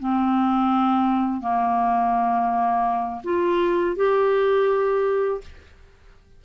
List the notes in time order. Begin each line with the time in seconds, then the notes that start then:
0.00 C4
1.41 A#3
3.25 F4
3.97 G4